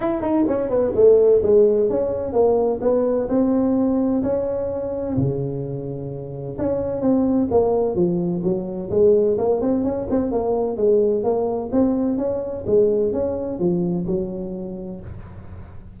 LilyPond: \new Staff \with { instrumentName = "tuba" } { \time 4/4 \tempo 4 = 128 e'8 dis'8 cis'8 b8 a4 gis4 | cis'4 ais4 b4 c'4~ | c'4 cis'2 cis4~ | cis2 cis'4 c'4 |
ais4 f4 fis4 gis4 | ais8 c'8 cis'8 c'8 ais4 gis4 | ais4 c'4 cis'4 gis4 | cis'4 f4 fis2 | }